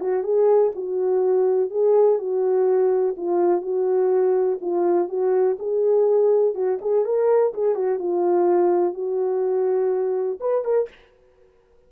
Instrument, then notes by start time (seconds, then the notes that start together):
horn
0.00 F#4
0.24 G#4
0.76 F#4
1.70 G#4
2.18 F#4
3.17 F4
3.62 F#4
4.61 F4
5.09 F#4
5.59 G#4
6.55 F#4
6.82 G#4
7.05 A#4
7.54 G#4
7.75 F#4
7.99 F4
8.94 F#4
10.40 B4
10.65 A#4